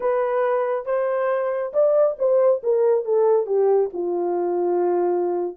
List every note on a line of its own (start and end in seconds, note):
0.00 0.85 B4
0.85 1.72 C5
1.73 2.16 D5
2.18 2.62 C5
2.63 3.04 A#4
3.04 3.46 A4
3.46 3.90 G4
3.93 5.56 F4